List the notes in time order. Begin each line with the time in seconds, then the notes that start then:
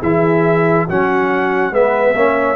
0.00 E3 E4 G#4 E5
0.87 F#3 C#4 F#4 F#5
1.72 G#3 B3 B4 E5
2.16 A#3 C#4 C#5